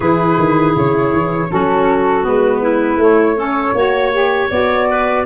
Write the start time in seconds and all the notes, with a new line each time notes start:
0.00 E3 E4 G#4 B4
0.38 D#3
0.75 C#3 C#5
1.12 E3
1.49 F#3 C#4 F#4 A4
2.22 G#3 B3 B4
2.61 E4
2.96 A3
3.03 C#5
3.36 C#4 A4
3.74 A#3 F#4 C#5
4.12 G4
4.50 B3 F#4 D5
4.90 B4